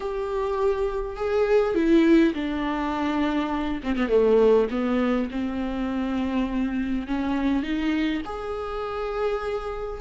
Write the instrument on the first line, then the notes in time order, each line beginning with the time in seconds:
viola
0.00 G4
1.16 G#4
1.74 E4
2.33 D4
3.83 C4
3.95 B3
4.09 A3
4.70 B3
5.30 C4
7.07 C#4
7.63 D#4
8.25 G#4